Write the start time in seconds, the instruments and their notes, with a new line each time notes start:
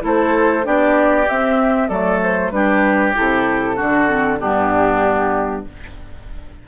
0.00 bassoon A3, clarinet E4, oboe A4
0.07 flute C5
0.64 bassoon B3, clarinet D4, oboe G4, flute D5
1.29 bassoon C4, clarinet C4, flute E5
1.88 bassoon F#3, clarinet A3, oboe A4, flute D5
2.23 flute C5
2.51 bassoon G3, clarinet D4, oboe G4, flute B4
3.15 bassoon C3, clarinet E4, flute A4
3.76 bassoon D3, clarinet D4, oboe F#4
4.08 clarinet C4
4.40 bassoon G2, clarinet B3, oboe D4, flute G4